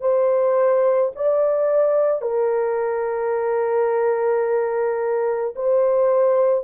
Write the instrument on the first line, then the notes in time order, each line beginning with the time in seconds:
horn
0.00 C5
1.15 D5
2.21 A#4
5.55 C5